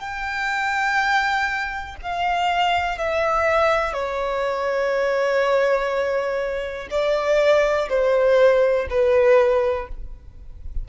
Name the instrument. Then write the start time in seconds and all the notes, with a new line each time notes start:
violin
0.00 G5
2.02 F5
2.98 E5
3.93 C#5
6.91 D5
7.90 C5
8.90 B4